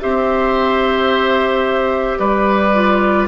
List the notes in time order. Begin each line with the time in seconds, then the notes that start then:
0.00 C4 G4 C5 E5
2.19 G3 B4 D5
2.74 F4